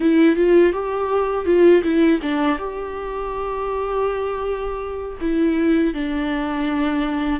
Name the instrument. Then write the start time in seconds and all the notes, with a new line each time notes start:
viola
0.00 E4
0.35 F4
0.72 G4
1.45 F4
1.83 E4
2.22 D4
2.58 G4
5.21 E4
5.94 D4